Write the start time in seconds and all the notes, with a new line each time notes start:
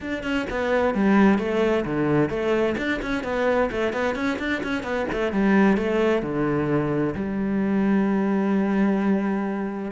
0.00 D4
0.23 C#4
0.50 B3
0.94 G3
1.38 A3
1.85 D3
2.29 A3
2.77 D4
3.01 C#4
3.23 B3
3.71 A3
3.92 B3
4.15 C#4
4.38 D4
4.63 C#4
4.83 B3
5.11 A3
5.32 G3
5.77 A3
6.22 D3
7.15 G3